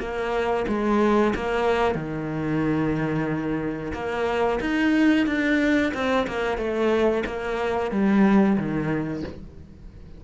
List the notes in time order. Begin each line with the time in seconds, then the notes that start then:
0.00 A#3
0.68 G#3
1.35 A#3
1.95 D#3
3.94 A#3
4.61 D#4
5.27 D4
5.95 C4
6.28 A#3
6.58 A3
7.26 A#3
7.92 G3
8.58 D#3